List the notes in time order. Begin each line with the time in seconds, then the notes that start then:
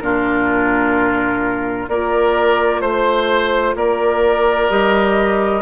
0.00 A#2 D4 F4 A#4
1.89 A#3 F4 A#4 D5
2.81 A3 C5
3.76 A#3 A#4 D5
4.71 G3 G4 D#5